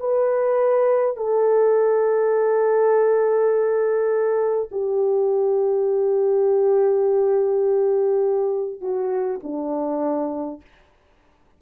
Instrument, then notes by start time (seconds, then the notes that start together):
horn
0.00 B4
1.17 A4
4.72 G4
8.81 F#4
9.43 D4